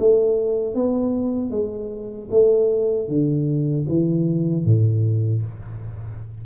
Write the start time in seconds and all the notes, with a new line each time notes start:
0.00 A3
0.75 B3
1.51 G#3
2.31 A3
3.09 D3
3.89 E3
4.65 A2